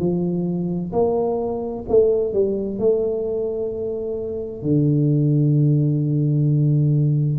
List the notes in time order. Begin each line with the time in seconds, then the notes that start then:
0.00 F3
0.93 A#3
1.89 A3
2.34 G3
2.79 A3
4.63 D3